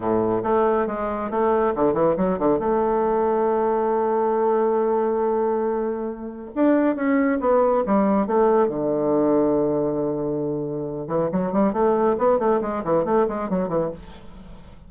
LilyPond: \new Staff \with { instrumentName = "bassoon" } { \time 4/4 \tempo 4 = 138 a,4 a4 gis4 a4 | d8 e8 fis8 d8 a2~ | a1~ | a2. d'4 |
cis'4 b4 g4 a4 | d1~ | d4. e8 fis8 g8 a4 | b8 a8 gis8 e8 a8 gis8 fis8 e8 | }